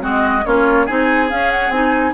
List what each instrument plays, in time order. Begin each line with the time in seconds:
0.00 bassoon G#3, clarinet C4, oboe F#4, flute D#5
0.45 bassoon A#3, clarinet C#4, oboe F4, flute C#5
0.86 bassoon C4, clarinet D#4, oboe G#4, flute G#5
1.29 clarinet C#4, bassoon C#4, flute F5
1.51 flute F#5
1.69 bassoon C4, clarinet D#4, flute G#5